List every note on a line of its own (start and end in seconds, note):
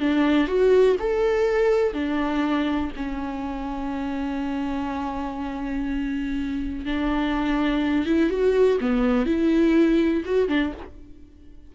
0.00 0.48 D4
0.48 0.96 F#4
1.00 1.94 A4
1.94 2.92 D4
2.97 6.86 C#4
6.86 8.06 D4
8.06 8.30 E4
8.30 8.79 F#4
8.81 9.26 B3
9.26 10.24 E4
10.25 10.49 F#4
10.49 10.73 D4